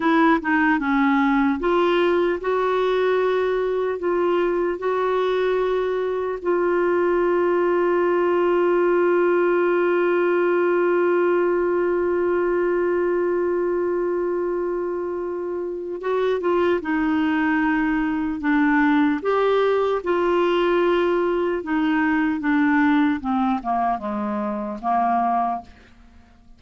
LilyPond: \new Staff \with { instrumentName = "clarinet" } { \time 4/4 \tempo 4 = 75 e'8 dis'8 cis'4 f'4 fis'4~ | fis'4 f'4 fis'2 | f'1~ | f'1~ |
f'1 | fis'8 f'8 dis'2 d'4 | g'4 f'2 dis'4 | d'4 c'8 ais8 gis4 ais4 | }